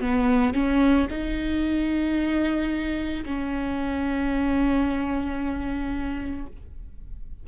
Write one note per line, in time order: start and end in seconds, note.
0.00 0.53 B3
0.53 1.07 C#4
1.10 3.24 D#4
3.25 6.46 C#4